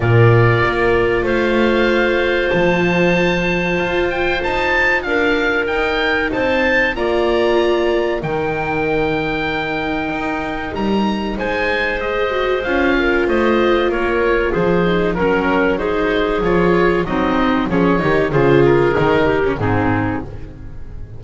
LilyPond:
<<
  \new Staff \with { instrumentName = "oboe" } { \time 4/4 \tempo 4 = 95 d''2 f''2 | a''2~ a''8 g''8 a''4 | f''4 g''4 a''4 ais''4~ | ais''4 g''2.~ |
g''4 ais''4 gis''4 dis''4 | f''4 dis''4 cis''4 c''4 | ais'4 c''4 cis''4 dis''4 | cis''4 c''8 ais'4. gis'4 | }
  \new Staff \with { instrumentName = "clarinet" } { \time 4/4 ais'2 c''2~ | c''1 | ais'2 c''4 d''4~ | d''4 ais'2.~ |
ais'2 c''2~ | c''8 ais'8 c''4 ais'4 gis'4 | ais'4 gis'2 dis'4 | gis'8 g'8 gis'4. g'8 dis'4 | }
  \new Staff \with { instrumentName = "viola" } { \time 4/4 f'1~ | f'1~ | f'4 dis'2 f'4~ | f'4 dis'2.~ |
dis'2. gis'8 fis'8 | f'2.~ f'8 dis'8 | cis'4 dis'4 f'4 c'4 | cis'8 dis'8 f'4 dis'8. cis'16 c'4 | }
  \new Staff \with { instrumentName = "double bass" } { \time 4/4 ais,4 ais4 a2 | f2 f'4 dis'4 | d'4 dis'4 c'4 ais4~ | ais4 dis2. |
dis'4 g4 gis2 | cis'4 a4 ais4 f4 | fis2 f4 fis4 | f8 dis8 cis4 dis4 gis,4 | }
>>